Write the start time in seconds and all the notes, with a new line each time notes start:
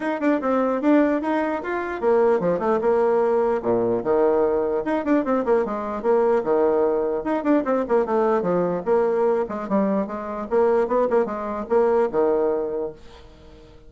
0.00 D#4
0.20 D4
0.41 C4
0.81 D4
1.21 D#4
1.62 F4
2.01 A#3
2.40 F3
2.59 A3
2.81 A#3
3.62 A#2
4.03 D#3
4.84 D#4
5.04 D4
5.24 C4
5.45 A#3
5.65 G#3
6.02 A#3
6.43 D#3
7.23 D#4
7.43 D4
7.65 C4
7.88 A#3
8.05 A3
8.42 F3
8.85 A#3
9.48 G#3
9.68 G3
10.07 G#3
10.50 A#3
10.87 B3
11.10 A#3
11.25 G#3
11.69 A#3
12.11 D#3